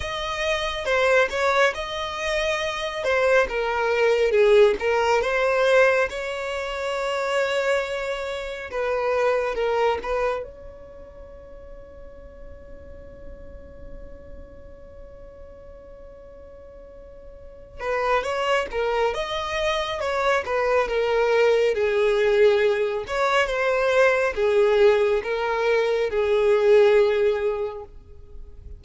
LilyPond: \new Staff \with { instrumentName = "violin" } { \time 4/4 \tempo 4 = 69 dis''4 c''8 cis''8 dis''4. c''8 | ais'4 gis'8 ais'8 c''4 cis''4~ | cis''2 b'4 ais'8 b'8 | cis''1~ |
cis''1~ | cis''8 b'8 cis''8 ais'8 dis''4 cis''8 b'8 | ais'4 gis'4. cis''8 c''4 | gis'4 ais'4 gis'2 | }